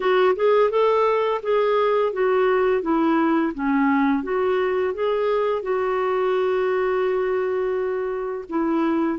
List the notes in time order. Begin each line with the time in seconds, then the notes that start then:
0.00 F#4
0.35 G#4
0.70 A4
1.42 G#4
2.12 F#4
2.82 E4
3.54 C#4
4.23 F#4
4.93 G#4
5.62 F#4
8.49 E4